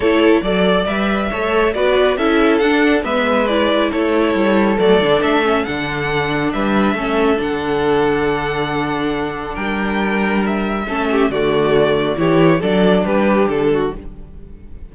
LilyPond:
<<
  \new Staff \with { instrumentName = "violin" } { \time 4/4 \tempo 4 = 138 cis''4 d''4 e''2 | d''4 e''4 fis''4 e''4 | d''4 cis''2 d''4 | e''4 fis''2 e''4~ |
e''4 fis''2.~ | fis''2 g''2 | e''2 d''2 | cis''4 d''4 b'4 a'4 | }
  \new Staff \with { instrumentName = "violin" } { \time 4/4 a'4 d''2 cis''4 | b'4 a'2 b'4~ | b'4 a'2.~ | a'2. b'4 |
a'1~ | a'2 ais'2~ | ais'4 a'8 g'8 fis'2 | g'4 a'4 g'4. fis'8 | }
  \new Staff \with { instrumentName = "viola" } { \time 4/4 e'4 a'4 b'4 a'4 | fis'4 e'4 d'4 b4 | e'2. a8 d'8~ | d'8 cis'8 d'2. |
cis'4 d'2.~ | d'1~ | d'4 cis'4 a2 | e'4 d'2. | }
  \new Staff \with { instrumentName = "cello" } { \time 4/4 a4 fis4 g4 a4 | b4 cis'4 d'4 gis4~ | gis4 a4 g4 fis8 d8 | a4 d2 g4 |
a4 d2.~ | d2 g2~ | g4 a4 d2 | e4 fis4 g4 d4 | }
>>